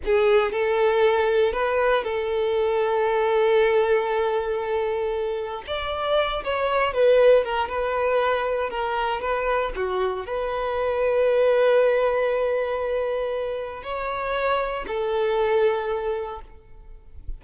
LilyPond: \new Staff \with { instrumentName = "violin" } { \time 4/4 \tempo 4 = 117 gis'4 a'2 b'4 | a'1~ | a'2. d''4~ | d''8 cis''4 b'4 ais'8 b'4~ |
b'4 ais'4 b'4 fis'4 | b'1~ | b'2. cis''4~ | cis''4 a'2. | }